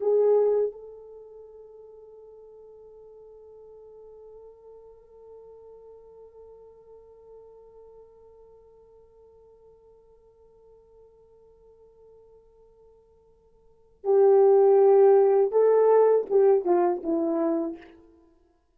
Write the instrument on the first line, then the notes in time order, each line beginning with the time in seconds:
horn
0.00 G#4
0.71 A4
14.04 G4
15.52 A4
16.30 G4
16.65 F4
17.03 E4